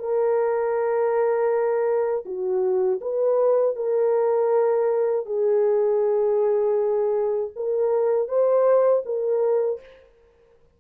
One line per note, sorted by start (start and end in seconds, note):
0.00 2.25 A#4
2.26 3.01 F#4
3.01 3.76 B4
3.76 5.26 A#4
5.26 7.51 G#4
7.56 8.28 A#4
8.28 9.03 C5
9.05 9.80 A#4